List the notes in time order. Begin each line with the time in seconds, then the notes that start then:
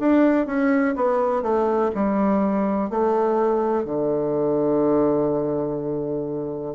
0.00 D4
0.47 C#4
0.96 B3
1.43 A3
1.95 G3
2.90 A3
3.85 D3